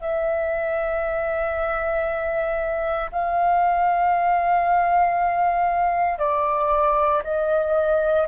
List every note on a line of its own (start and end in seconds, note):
0.00 3.10 E5
3.11 6.18 F5
6.18 7.22 D5
7.24 8.27 D#5